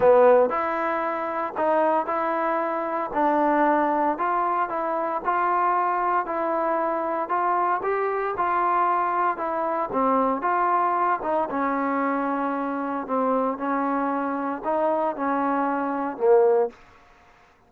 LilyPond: \new Staff \with { instrumentName = "trombone" } { \time 4/4 \tempo 4 = 115 b4 e'2 dis'4 | e'2 d'2 | f'4 e'4 f'2 | e'2 f'4 g'4 |
f'2 e'4 c'4 | f'4. dis'8 cis'2~ | cis'4 c'4 cis'2 | dis'4 cis'2 ais4 | }